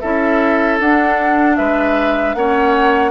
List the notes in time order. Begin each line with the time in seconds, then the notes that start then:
0.00 C#4 E4 A4 E5
0.80 D4 F#5
1.56 G#3 B4 E5
2.35 A#3 C#4 C#5 F#5